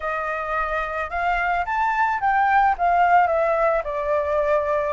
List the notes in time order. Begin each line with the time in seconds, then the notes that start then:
0.00 D#5
1.09 F5
1.65 A5
2.20 G5
2.77 F5
3.27 E5
3.84 D5